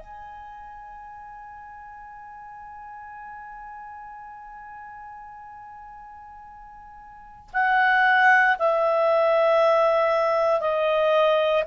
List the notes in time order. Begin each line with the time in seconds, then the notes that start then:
0.00 G#5
7.53 F#5
8.59 E5
10.61 D#5